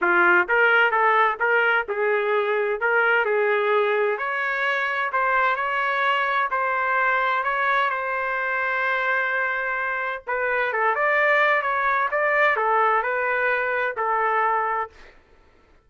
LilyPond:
\new Staff \with { instrumentName = "trumpet" } { \time 4/4 \tempo 4 = 129 f'4 ais'4 a'4 ais'4 | gis'2 ais'4 gis'4~ | gis'4 cis''2 c''4 | cis''2 c''2 |
cis''4 c''2.~ | c''2 b'4 a'8 d''8~ | d''4 cis''4 d''4 a'4 | b'2 a'2 | }